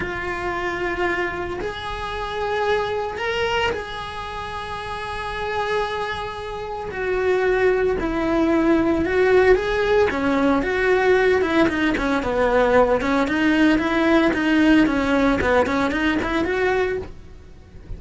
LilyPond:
\new Staff \with { instrumentName = "cello" } { \time 4/4 \tempo 4 = 113 f'2. gis'4~ | gis'2 ais'4 gis'4~ | gis'1~ | gis'4 fis'2 e'4~ |
e'4 fis'4 gis'4 cis'4 | fis'4. e'8 dis'8 cis'8 b4~ | b8 cis'8 dis'4 e'4 dis'4 | cis'4 b8 cis'8 dis'8 e'8 fis'4 | }